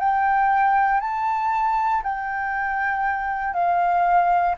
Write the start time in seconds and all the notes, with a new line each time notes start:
0.00 G5
1.01 A5
2.04 G5
3.54 F5